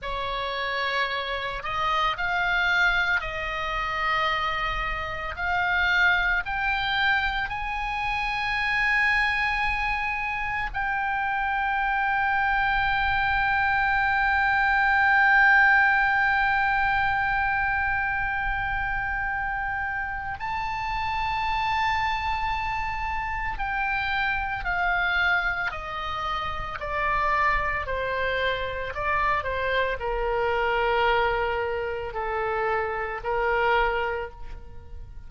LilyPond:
\new Staff \with { instrumentName = "oboe" } { \time 4/4 \tempo 4 = 56 cis''4. dis''8 f''4 dis''4~ | dis''4 f''4 g''4 gis''4~ | gis''2 g''2~ | g''1~ |
g''2. a''4~ | a''2 g''4 f''4 | dis''4 d''4 c''4 d''8 c''8 | ais'2 a'4 ais'4 | }